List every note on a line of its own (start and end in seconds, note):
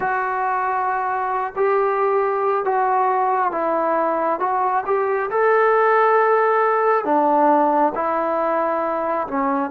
0.00 1.53 F#4
1.56 2.64 G4
2.64 3.51 F#4
3.51 4.39 E4
4.39 4.83 F#4
4.86 5.30 G4
5.30 7.04 A4
7.04 7.93 D4
7.94 9.26 E4
9.27 9.70 C#4